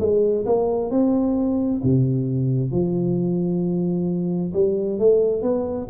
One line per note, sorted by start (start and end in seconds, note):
0.00 0.45 G#3
0.46 0.91 A#3
0.91 1.82 C4
1.84 2.71 C3
2.71 4.53 F3
4.54 4.99 G3
4.99 5.43 A3
5.43 5.88 B3